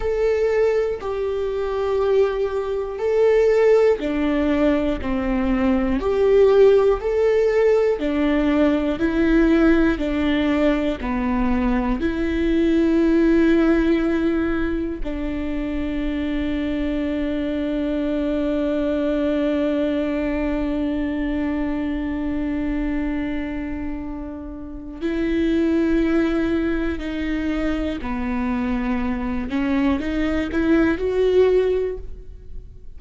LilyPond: \new Staff \with { instrumentName = "viola" } { \time 4/4 \tempo 4 = 60 a'4 g'2 a'4 | d'4 c'4 g'4 a'4 | d'4 e'4 d'4 b4 | e'2. d'4~ |
d'1~ | d'1~ | d'4 e'2 dis'4 | b4. cis'8 dis'8 e'8 fis'4 | }